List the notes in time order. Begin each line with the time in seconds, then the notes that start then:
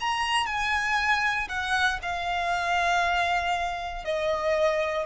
0.00 A#5
0.46 G#5
1.48 F#5
2.02 F5
4.04 D#5